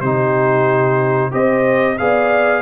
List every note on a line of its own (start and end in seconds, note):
0.00 1.31 C3
0.00 1.31 D#4
0.00 1.31 G4
0.00 1.30 C5
1.31 1.99 C4
1.31 1.96 G4
1.31 1.97 C5
1.31 1.98 D#5
1.98 2.62 B3
1.98 2.62 G#4
1.98 2.62 D5
1.98 2.62 F5